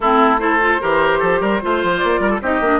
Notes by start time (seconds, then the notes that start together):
0.00 A3 C4 E4 A4
0.39 E4 A4 C5
0.60 F4
0.81 E3 G4 A#4
1.19 F3 A4
1.40 G3 A#4
1.61 A3 F4 C5
1.83 F3
1.97 A#3 D5
2.19 G3 A#4
2.29 A4
2.41 C4 D#4 G4 D#5
2.60 A#3 D4